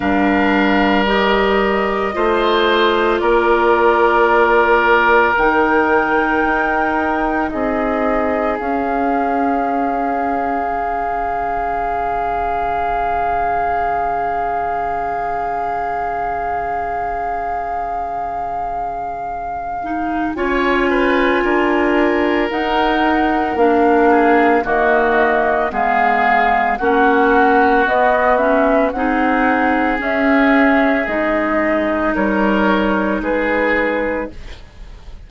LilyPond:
<<
  \new Staff \with { instrumentName = "flute" } { \time 4/4 \tempo 4 = 56 f''4 dis''2 d''4~ | d''4 g''2 dis''4 | f''1~ | f''1~ |
f''2. gis''4~ | gis''4 fis''4 f''4 dis''4 | f''4 fis''4 dis''8 e''8 fis''4 | e''4 dis''4 cis''4 b'4 | }
  \new Staff \with { instrumentName = "oboe" } { \time 4/4 ais'2 c''4 ais'4~ | ais'2. gis'4~ | gis'1~ | gis'1~ |
gis'2. cis''8 b'8 | ais'2~ ais'8 gis'8 fis'4 | gis'4 fis'2 gis'4~ | gis'2 ais'4 gis'4 | }
  \new Staff \with { instrumentName = "clarinet" } { \time 4/4 d'4 g'4 f'2~ | f'4 dis'2. | cis'1~ | cis'1~ |
cis'2~ cis'8 dis'8 f'4~ | f'4 dis'4 d'4 ais4 | b4 cis'4 b8 cis'8 dis'4 | cis'4 dis'2. | }
  \new Staff \with { instrumentName = "bassoon" } { \time 4/4 g2 a4 ais4~ | ais4 dis4 dis'4 c'4 | cis'2 cis2~ | cis1~ |
cis2. cis'4 | d'4 dis'4 ais4 dis4 | gis4 ais4 b4 c'4 | cis'4 gis4 g4 gis4 | }
>>